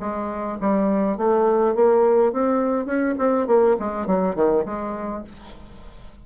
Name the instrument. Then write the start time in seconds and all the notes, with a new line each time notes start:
bassoon
0.00 G#3
0.61 G3
1.18 A3
1.75 A#3
2.33 C4
2.86 C#4
3.18 C4
3.47 A#3
3.80 G#3
4.07 F#3
4.36 D#3
4.66 G#3